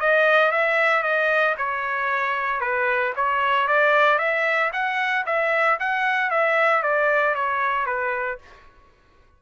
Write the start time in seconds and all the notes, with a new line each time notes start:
0.00 D#5
0.52 E5
1.03 D#5
1.58 C#5
2.61 B4
3.16 C#5
3.68 D5
4.19 E5
4.73 F#5
5.27 E5
5.80 F#5
6.31 E5
6.83 D5
7.35 C#5
7.86 B4